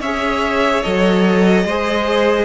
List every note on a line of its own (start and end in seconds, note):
0.00 0.82 C#4
0.00 0.83 G#4
0.00 1.64 C#5
0.00 0.82 E5
0.82 1.64 F#3
0.82 1.65 A4
0.82 2.45 D#5
1.64 2.45 G#3
1.64 2.45 G#4
1.64 2.45 C5